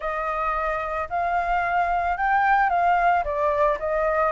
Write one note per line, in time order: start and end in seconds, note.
0.00 1.08 D#5
1.09 2.17 F5
2.17 2.69 G5
2.69 3.23 F5
3.24 3.78 D5
3.79 4.32 D#5